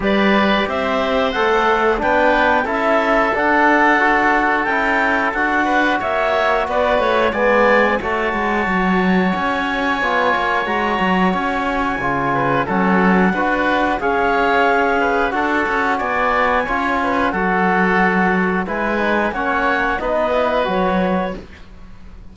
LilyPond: <<
  \new Staff \with { instrumentName = "clarinet" } { \time 4/4 \tempo 4 = 90 d''4 e''4 fis''4 g''4 | e''4 fis''2 g''4 | fis''4 e''4 d''8 cis''8 gis''4 | a''2 gis''2 |
ais''4 gis''2 fis''4~ | fis''4 f''2 fis''4 | gis''2 fis''2 | gis''4 fis''4 dis''4 cis''4 | }
  \new Staff \with { instrumentName = "oboe" } { \time 4/4 b'4 c''2 b'4 | a'1~ | a'8 b'8 cis''4 b'4 d''4 | cis''1~ |
cis''2~ cis''8 b'8 a'4 | b'4 cis''4. b'8 a'4 | d''4 cis''8 b'8 a'2 | b'4 cis''4 b'2 | }
  \new Staff \with { instrumentName = "trombone" } { \time 4/4 g'2 a'4 d'4 | e'4 d'4 fis'4 e'4 | fis'2. b4 | fis'2. f'4 |
fis'2 f'4 cis'4 | fis'4 gis'2 fis'4~ | fis'4 f'4 fis'2 | e'8 dis'8 cis'4 dis'8 e'8 fis'4 | }
  \new Staff \with { instrumentName = "cello" } { \time 4/4 g4 c'4 a4 b4 | cis'4 d'2 cis'4 | d'4 ais4 b8 a8 gis4 | a8 gis8 fis4 cis'4 b8 ais8 |
gis8 fis8 cis'4 cis4 fis4 | d'4 cis'2 d'8 cis'8 | b4 cis'4 fis2 | gis4 ais4 b4 fis4 | }
>>